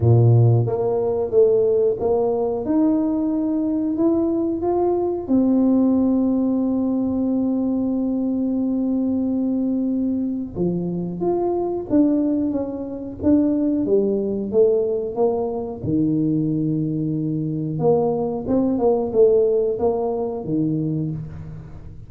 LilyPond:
\new Staff \with { instrumentName = "tuba" } { \time 4/4 \tempo 4 = 91 ais,4 ais4 a4 ais4 | dis'2 e'4 f'4 | c'1~ | c'1 |
f4 f'4 d'4 cis'4 | d'4 g4 a4 ais4 | dis2. ais4 | c'8 ais8 a4 ais4 dis4 | }